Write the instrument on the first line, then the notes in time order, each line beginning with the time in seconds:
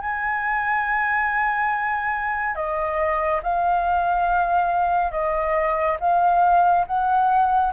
flute
0.00 G#5
2.55 D#5
3.42 F5
5.12 D#5
6.00 F5
6.86 F#5